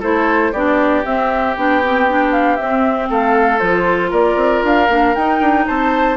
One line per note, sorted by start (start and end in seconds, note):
0.00 0.53 A3
0.00 0.53 E4
0.00 0.51 A4
0.00 0.53 C5
0.52 1.04 B3
0.52 1.04 D4
0.52 3.09 G4
0.52 1.04 D5
1.04 1.56 C4
1.04 1.56 E5
1.56 2.59 B3
1.56 1.82 D4
1.56 2.32 G5
1.83 2.08 C4
2.08 2.59 D4
2.32 2.56 F5
2.56 3.09 C4
2.56 3.60 C4
2.56 3.07 E5
3.09 3.61 A3
3.09 4.10 A4
3.09 3.59 F5
3.59 4.12 F3
3.59 4.88 F4
3.59 4.10 C5
4.10 4.35 A#3
4.10 5.64 A#4
4.10 4.64 D5
4.35 4.61 C4
4.63 4.89 D4
4.63 5.15 F5
4.89 5.14 A#3
4.89 5.15 D4
5.15 5.40 D#4
5.15 6.16 D#4
5.15 5.66 G5
5.40 5.65 D4
5.67 6.16 C4
5.67 6.16 C5
5.67 6.16 A5